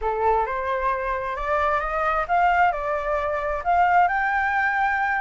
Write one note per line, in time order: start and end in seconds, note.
0.01 0.46 A4
0.46 1.36 C5
1.36 1.80 D5
1.80 2.25 D#5
2.28 2.71 F5
2.71 3.62 D5
3.63 4.08 F5
4.08 5.21 G5